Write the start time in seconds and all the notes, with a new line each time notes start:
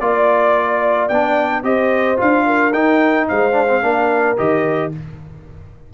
0.00 A#3 F4 D5
1.08 B3 D4 G5
1.64 C4 G4 C5 D#5
2.17 D4 F4 F5
2.46 A#4
2.73 D#4 G5
3.29 G#3 C5 F5
3.53 D4
3.68 C4
3.82 A#3 D4 A#4
4.37 D#3 G4 D#5